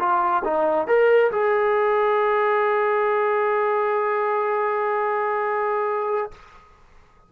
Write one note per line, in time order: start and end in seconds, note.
0.00 0.43 F4
0.44 0.88 D#4
0.88 1.31 A#4
1.32 6.32 G#4